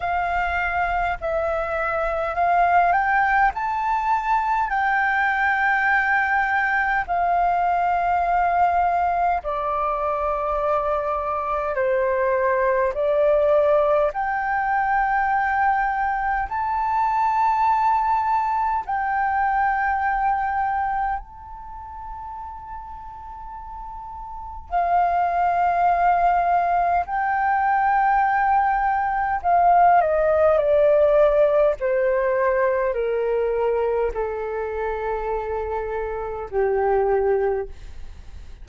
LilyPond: \new Staff \with { instrumentName = "flute" } { \time 4/4 \tempo 4 = 51 f''4 e''4 f''8 g''8 a''4 | g''2 f''2 | d''2 c''4 d''4 | g''2 a''2 |
g''2 a''2~ | a''4 f''2 g''4~ | g''4 f''8 dis''8 d''4 c''4 | ais'4 a'2 g'4 | }